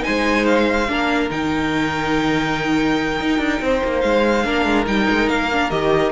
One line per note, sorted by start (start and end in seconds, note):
0.00 0.84 D#4
0.00 0.89 C5
0.00 0.45 G#5
0.08 0.88 G#3
0.45 1.29 F5
0.88 1.30 A#3
0.88 1.29 D4
0.88 3.63 A#4
1.29 3.19 D#3
1.29 4.44 D#4
1.29 4.01 G5
3.19 3.38 D#4
3.38 3.59 D4
3.61 3.82 C4
3.61 4.45 C5
3.83 4.03 A#3
4.01 4.44 G#3
4.01 4.85 F5
4.44 4.65 A#3
4.44 4.86 D4
4.44 6.12 A#4
4.65 4.86 G#3
4.86 5.07 G3
4.86 5.49 D#4
4.86 5.28 G5
5.09 5.28 G#3
5.28 5.70 A#3
5.28 5.70 F5
5.52 5.71 D4
5.70 6.12 D#3
5.70 6.12 G4
5.70 6.12 D#5